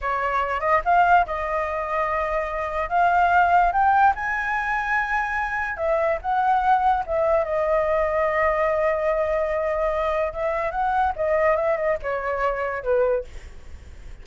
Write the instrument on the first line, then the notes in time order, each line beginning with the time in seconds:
flute
0.01 C#5
0.60 D#5
0.84 F5
1.26 D#5
2.89 F5
3.72 G5
4.15 G#5
5.76 E5
6.21 F#5
7.06 E5
7.44 D#5
10.33 E5
10.71 F#5
11.16 D#5
11.56 E5
11.76 D#5
12.02 C#5
12.83 B4